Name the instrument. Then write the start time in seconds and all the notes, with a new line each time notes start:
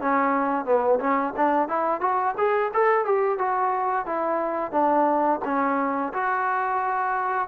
trombone
0.00 C#4
0.65 B3
0.99 C#4
1.36 D4
1.68 E4
2.01 F#4
2.37 G#4
2.73 A4
3.05 G4
3.38 F#4
4.06 E4
4.71 D4
5.45 C#4
6.13 F#4